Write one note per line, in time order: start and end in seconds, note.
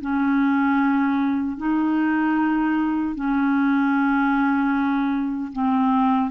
0.00 1.57 C#4
1.57 3.15 D#4
3.15 5.52 C#4
5.52 6.30 C4